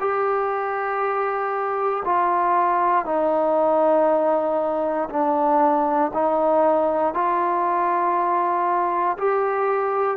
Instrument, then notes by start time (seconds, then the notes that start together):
trombone
0.00 G4
2.05 F4
3.06 D#4
5.10 D4
6.14 D#4
7.14 F4
9.18 G4